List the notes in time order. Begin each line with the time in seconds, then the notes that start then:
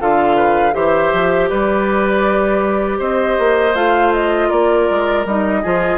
0.00 D3 F4 A4 F5
0.36 B4
0.73 E3 G4 C5 E5
1.13 F3
1.49 G3 B4 D5
2.99 C4 C5 D#5
3.38 A#3
3.75 A3 F4 F5
4.13 D#5
4.49 A#3 A#4 D5
4.90 G#3
5.25 G3 D#4 D#5
5.62 F3 F4 G#4